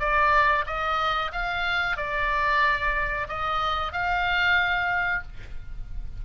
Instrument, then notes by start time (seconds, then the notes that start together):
oboe
0.00 D5
0.67 D#5
1.33 F5
1.97 D5
3.29 D#5
3.93 F5